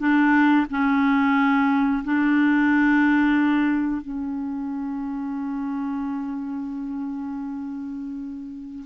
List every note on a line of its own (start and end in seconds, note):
0.00 0.67 D4
0.71 2.04 C#4
2.05 4.02 D4
4.02 8.85 C#4